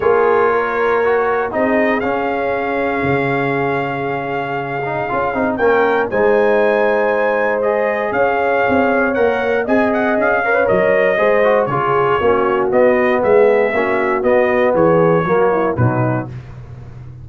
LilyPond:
<<
  \new Staff \with { instrumentName = "trumpet" } { \time 4/4 \tempo 4 = 118 cis''2. dis''4 | f''1~ | f''2. g''4 | gis''2. dis''4 |
f''2 fis''4 gis''8 fis''8 | f''4 dis''2 cis''4~ | cis''4 dis''4 e''2 | dis''4 cis''2 b'4 | }
  \new Staff \with { instrumentName = "horn" } { \time 4/4 gis'4 ais'2 gis'4~ | gis'1~ | gis'2. ais'4 | c''1 |
cis''2. dis''4~ | dis''8 cis''4. c''4 gis'4 | fis'2 gis'4 fis'4~ | fis'4 gis'4 fis'8 e'8 dis'4 | }
  \new Staff \with { instrumentName = "trombone" } { \time 4/4 f'2 fis'4 dis'4 | cis'1~ | cis'4. dis'8 f'8 dis'8 cis'4 | dis'2. gis'4~ |
gis'2 ais'4 gis'4~ | gis'8 ais'16 b'16 ais'4 gis'8 fis'8 f'4 | cis'4 b2 cis'4 | b2 ais4 fis4 | }
  \new Staff \with { instrumentName = "tuba" } { \time 4/4 ais2. c'4 | cis'2 cis2~ | cis2 cis'8 c'8 ais4 | gis1 |
cis'4 c'4 ais4 c'4 | cis'4 fis4 gis4 cis4 | ais4 b4 gis4 ais4 | b4 e4 fis4 b,4 | }
>>